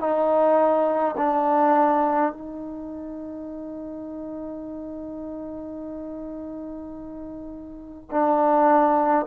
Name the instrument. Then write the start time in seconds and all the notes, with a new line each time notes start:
trombone
0.00 D#4
1.17 D4
2.32 D#4
8.11 D4